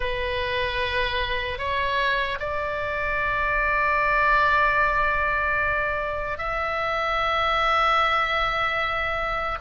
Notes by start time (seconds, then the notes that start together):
0.00 B4
1.58 C#5
2.39 D5
6.37 E5